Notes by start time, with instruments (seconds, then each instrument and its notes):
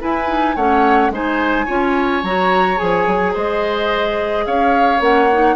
0.00 clarinet E4, bassoon E4, oboe B4, flute G#5
0.27 clarinet D#4
0.56 bassoon A3, clarinet C#4, oboe C#5, flute F#5
1.10 bassoon G#3, clarinet D#4, oboe C5, flute G#5
1.66 bassoon C#4, clarinet F4, oboe C#5
2.23 bassoon F#3, clarinet F#4, flute A#5
2.76 bassoon F3, clarinet G#4, flute G#5
3.07 bassoon F#3
3.33 bassoon G#3, oboe C5, flute D#5
4.45 bassoon C#4, oboe C#5, flute F5
5.00 bassoon A#3, clarinet C#4, flute F#5
5.33 clarinet D#4